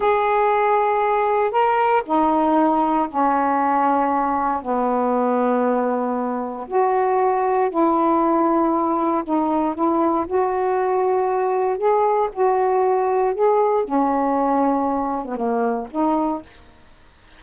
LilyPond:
\new Staff \with { instrumentName = "saxophone" } { \time 4/4 \tempo 4 = 117 gis'2. ais'4 | dis'2 cis'2~ | cis'4 b2.~ | b4 fis'2 e'4~ |
e'2 dis'4 e'4 | fis'2. gis'4 | fis'2 gis'4 cis'4~ | cis'4.~ cis'16 b16 ais4 dis'4 | }